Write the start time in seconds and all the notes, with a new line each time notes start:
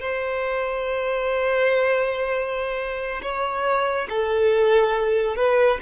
0.00 C5
3.23 C#5
4.09 A4
5.36 B4